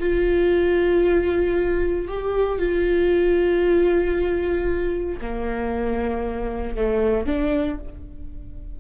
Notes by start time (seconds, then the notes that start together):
0.00 F4
2.08 G4
2.59 F4
5.21 A#3
6.77 A3
7.26 D4